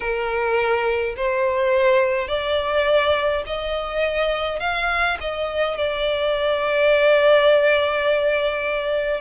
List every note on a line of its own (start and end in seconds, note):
0.00 1.15 A#4
1.16 2.28 C5
2.28 3.43 D5
3.46 4.59 D#5
4.59 5.17 F5
5.20 5.77 D#5
5.77 9.20 D5